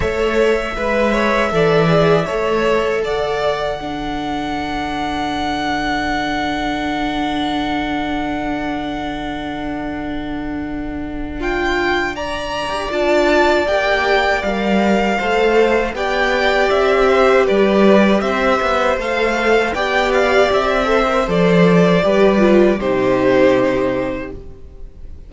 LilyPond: <<
  \new Staff \with { instrumentName = "violin" } { \time 4/4 \tempo 4 = 79 e''1 | fis''1~ | fis''1~ | fis''2. g''4 |
ais''4 a''4 g''4 f''4~ | f''4 g''4 e''4 d''4 | e''4 f''4 g''8 f''8 e''4 | d''2 c''2 | }
  \new Staff \with { instrumentName = "violin" } { \time 4/4 cis''4 b'8 cis''8 d''4 cis''4 | d''4 a'2.~ | a'1~ | a'2. f'4 |
d''1 | c''4 d''4. c''8 b'4 | c''2 d''4. c''8~ | c''4 b'4 g'2 | }
  \new Staff \with { instrumentName = "viola" } { \time 4/4 a'4 b'4 a'8 gis'8 a'4~ | a'4 d'2.~ | d'1~ | d'1~ |
d'4 f'4 g'4 ais'4 | a'4 g'2.~ | g'4 a'4 g'4. a'16 ais'16 | a'4 g'8 f'8 dis'2 | }
  \new Staff \with { instrumentName = "cello" } { \time 4/4 a4 gis4 e4 a4 | d1~ | d1~ | d1~ |
d8. g'16 d'4 ais4 g4 | a4 b4 c'4 g4 | c'8 b8 a4 b4 c'4 | f4 g4 c2 | }
>>